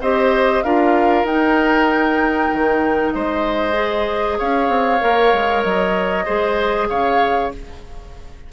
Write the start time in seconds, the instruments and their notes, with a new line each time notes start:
0.00 bassoon C4, clarinet G4, oboe C5, flute D#5
0.63 bassoon D4, clarinet F4, oboe A#4, flute F5
1.23 bassoon D#4, clarinet D#4, flute G5
2.52 bassoon D#3
3.12 bassoon G#3, oboe C5, flute D#5
3.72 clarinet G#4
4.38 bassoon C#4, oboe C#5, flute F5
4.68 bassoon C4
5.00 bassoon A#3, clarinet A#4
5.33 bassoon G#3
5.63 bassoon F#3, flute D#5
6.25 bassoon G#3, clarinet G#4, oboe C5
6.89 bassoon C#3, oboe C#5, flute F5